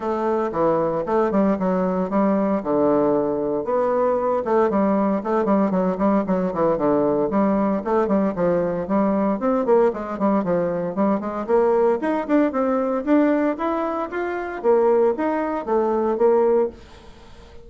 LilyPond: \new Staff \with { instrumentName = "bassoon" } { \time 4/4 \tempo 4 = 115 a4 e4 a8 g8 fis4 | g4 d2 b4~ | b8 a8 g4 a8 g8 fis8 g8 | fis8 e8 d4 g4 a8 g8 |
f4 g4 c'8 ais8 gis8 g8 | f4 g8 gis8 ais4 dis'8 d'8 | c'4 d'4 e'4 f'4 | ais4 dis'4 a4 ais4 | }